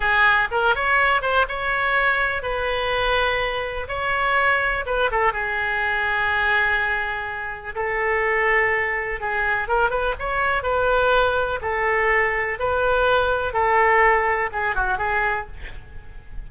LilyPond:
\new Staff \with { instrumentName = "oboe" } { \time 4/4 \tempo 4 = 124 gis'4 ais'8 cis''4 c''8 cis''4~ | cis''4 b'2. | cis''2 b'8 a'8 gis'4~ | gis'1 |
a'2. gis'4 | ais'8 b'8 cis''4 b'2 | a'2 b'2 | a'2 gis'8 fis'8 gis'4 | }